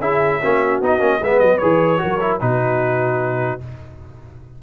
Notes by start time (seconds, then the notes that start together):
0.00 C#4 E4 G#4 E5
0.40 A#3 C#4 F#4
0.81 B3 D#4 D#5
1.00 A#3 C#4
1.22 G#3 B3 B4 E5
1.39 F#3 D#5
1.58 E3 G#4 C#5
1.98 F#3 F#4 A#4
2.21 E4
2.41 B2 D#4 F#4 B4